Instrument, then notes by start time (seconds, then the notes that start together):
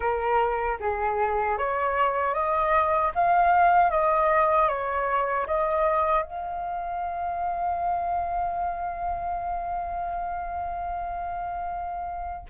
flute
0.00 A#4
0.80 G#4
1.58 C#5
2.33 D#5
3.14 F5
3.90 D#5
4.68 C#5
5.47 D#5
6.22 F5